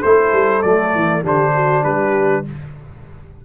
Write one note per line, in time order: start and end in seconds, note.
0.00 0.32 A3
0.00 0.63 E4
0.00 1.21 A4
0.00 0.62 C5
0.32 0.63 G3
0.62 0.94 F#3
0.62 1.24 A3
0.62 1.23 D5
0.94 1.24 E3
1.22 1.84 D3
1.22 2.45 D4
1.22 1.52 G4
1.22 1.84 C5
1.54 1.84 F#4
1.84 2.45 G3
1.84 2.44 G4
1.84 2.44 B4